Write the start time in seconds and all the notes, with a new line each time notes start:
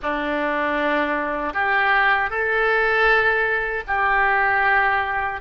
0.02 D4
1.53 G4
2.29 A4
3.87 G4